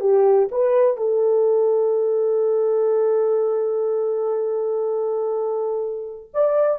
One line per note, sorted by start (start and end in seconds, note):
0.00 0.48 G4
0.51 0.97 B4
0.97 6.29 A4
6.33 6.79 D5